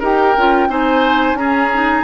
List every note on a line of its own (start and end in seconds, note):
0.00 0.36 D#4
0.00 0.36 G4
0.00 0.68 A#4
0.00 0.71 G5
0.37 0.69 C#4
0.37 0.69 F4
0.69 1.34 C4
0.69 1.37 D#4
0.69 1.38 C5
0.69 1.37 G#5
1.34 2.02 C#4
1.34 1.71 C#4
1.34 2.04 G#4
1.34 2.04 A#5
1.73 2.04 D#4